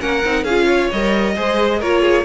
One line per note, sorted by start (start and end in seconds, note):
0.00 0.24 A#3
0.00 0.23 C#4
0.00 0.45 A#4
0.00 0.45 F#5
0.25 0.44 C4
0.25 0.48 D#4
0.44 0.90 C#4
0.44 0.94 F4
0.44 0.67 G#4
0.44 0.90 F5
0.67 1.34 C#5
0.92 1.38 G3
0.92 1.36 A#4
0.92 1.82 D#5
1.36 1.82 G#3
1.36 1.81 G#4
1.36 1.80 C5
1.80 2.25 A#3
1.80 2.25 F4
1.80 2.02 A#4
1.80 2.25 C#5
2.02 2.25 G#4